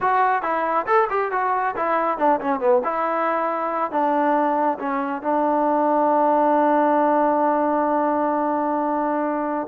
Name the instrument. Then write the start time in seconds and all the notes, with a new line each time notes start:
trombone
0.01 F#4
0.42 E4
0.86 A4
1.09 G4
1.31 F#4
1.76 E4
2.18 D4
2.40 C#4
2.59 B3
2.84 E4
3.91 D4
4.78 C#4
5.22 D4